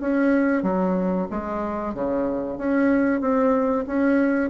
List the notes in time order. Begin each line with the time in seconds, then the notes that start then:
0.00 C#4
0.62 F#3
1.30 G#3
1.94 C#3
2.57 C#4
3.21 C4
3.86 C#4